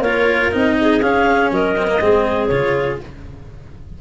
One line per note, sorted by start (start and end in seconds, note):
0.00 0.49 A#3
0.00 0.52 F4
0.00 0.76 A#4
0.00 0.51 C#5
0.52 1.02 C4
0.52 1.01 D#4
0.52 1.02 D#5
0.81 1.53 G#4
1.02 1.51 C#4
1.02 1.76 C#4
1.02 1.51 F5
1.52 2.01 F#3
1.52 2.02 A#4
1.52 2.48 D#5
1.77 1.88 C4
1.88 2.00 A#3
2.01 2.51 G#3
2.01 2.51 C4
2.01 3.01 G#4
2.48 3.00 C#3
2.48 3.01 F4
2.48 2.97 C#5